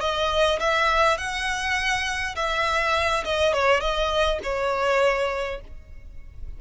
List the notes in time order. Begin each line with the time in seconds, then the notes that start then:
0.00 D#5
0.59 E5
1.17 F#5
2.36 E5
3.24 D#5
3.53 C#5
3.80 D#5
4.43 C#5